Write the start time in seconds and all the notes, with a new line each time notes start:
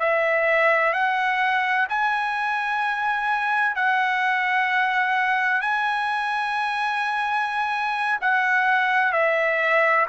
0.00 E5
0.93 F#5
1.89 G#5
3.75 F#5
5.61 G#5
8.21 F#5
9.12 E5